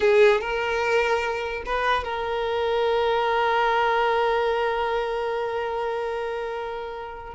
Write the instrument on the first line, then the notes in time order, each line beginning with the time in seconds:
violin
0.00 G#4
0.40 A#4
1.65 B4
2.03 A#4